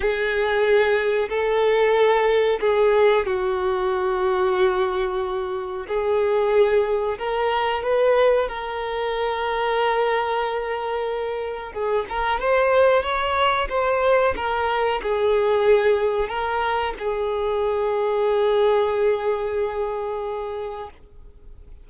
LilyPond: \new Staff \with { instrumentName = "violin" } { \time 4/4 \tempo 4 = 92 gis'2 a'2 | gis'4 fis'2.~ | fis'4 gis'2 ais'4 | b'4 ais'2.~ |
ais'2 gis'8 ais'8 c''4 | cis''4 c''4 ais'4 gis'4~ | gis'4 ais'4 gis'2~ | gis'1 | }